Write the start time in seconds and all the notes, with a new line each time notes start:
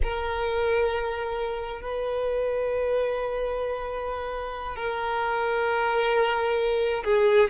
0.02 A#4
1.81 B4
4.76 A#4
7.04 G#4